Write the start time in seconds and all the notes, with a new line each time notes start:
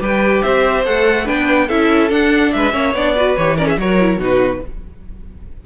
0.00 G3 G4 B4 G5
0.42 C4 C5 E5
0.85 A3 A4 F#5
1.24 B3 D4 B4 G5
1.67 C#4 E4 A4 E5
2.10 D4 F#5
2.52 G#3 B4 E5
2.72 A#3 C#4 C#5
2.93 B3 D4 D5
3.16 F#4 B4
3.36 E3 G4 C#5
3.57 C#4 A#4 D5
3.67 G#4 E5
3.76 F#3 F#4 A#4 C#5
3.99 E4
4.17 B2 D#4 F#4 B4